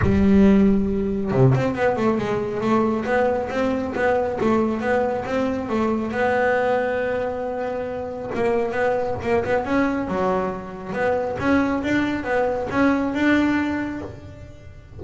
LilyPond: \new Staff \with { instrumentName = "double bass" } { \time 4/4 \tempo 4 = 137 g2. c8 c'8 | b8 a8 gis4 a4 b4 | c'4 b4 a4 b4 | c'4 a4 b2~ |
b2. ais4 | b4 ais8 b8 cis'4 fis4~ | fis4 b4 cis'4 d'4 | b4 cis'4 d'2 | }